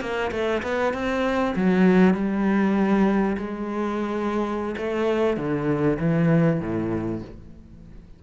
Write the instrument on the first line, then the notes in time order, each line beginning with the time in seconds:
cello
0.00 A#3
0.31 A3
0.62 B3
0.93 C4
1.55 F#3
2.14 G3
3.37 G#3
4.77 A3
5.37 D3
5.99 E3
6.60 A2